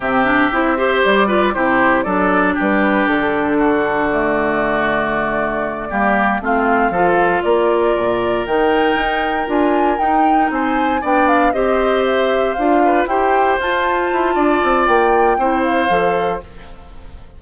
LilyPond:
<<
  \new Staff \with { instrumentName = "flute" } { \time 4/4 \tempo 4 = 117 e''2 d''4 c''4 | d''4 b'4 a'2 | d''1~ | d''8 f''2 d''4.~ |
d''8 g''2 gis''4 g''8~ | g''8 gis''4 g''8 f''8 dis''4 e''8~ | e''8 f''4 g''4 a''4.~ | a''4 g''4. f''4. | }
  \new Staff \with { instrumentName = "oboe" } { \time 4/4 g'4. c''4 b'8 g'4 | a'4 g'2 fis'4~ | fis'2.~ fis'8 g'8~ | g'8 f'4 a'4 ais'4.~ |
ais'1~ | ais'8 c''4 d''4 c''4.~ | c''4 b'8 c''2~ c''8 | d''2 c''2 | }
  \new Staff \with { instrumentName = "clarinet" } { \time 4/4 c'8 d'8 e'8 g'4 f'8 e'4 | d'1 | a2.~ a8 ais8~ | ais8 c'4 f'2~ f'8~ |
f'8 dis'2 f'4 dis'8~ | dis'4. d'4 g'4.~ | g'8 f'4 g'4 f'4.~ | f'2 e'4 a'4 | }
  \new Staff \with { instrumentName = "bassoon" } { \time 4/4 c4 c'4 g4 c4 | fis4 g4 d2~ | d2.~ d8 g8~ | g8 a4 f4 ais4 ais,8~ |
ais,8 dis4 dis'4 d'4 dis'8~ | dis'8 c'4 b4 c'4.~ | c'8 d'4 e'4 f'4 e'8 | d'8 c'8 ais4 c'4 f4 | }
>>